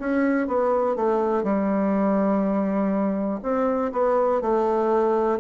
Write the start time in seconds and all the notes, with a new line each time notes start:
0.00 C#4
0.48 B3
0.96 A3
1.44 G3
3.43 C4
3.93 B3
4.41 A3